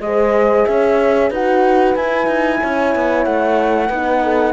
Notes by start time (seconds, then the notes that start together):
0.00 G#3 G#4 D#5
0.06 C5
0.66 C#4 C#5 E5
1.30 D#4 F#4 B4 F#5
1.95 E4 G#5
2.27 D#4
2.60 C#4 C#5
2.95 B3
3.24 A3 F#5
3.88 B3 D#4 B4
4.23 A4